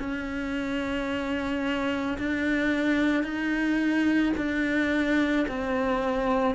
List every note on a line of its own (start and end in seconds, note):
0.00 2.18 C#4
2.19 3.24 D4
3.24 4.33 D#4
4.37 5.46 D4
5.48 6.56 C4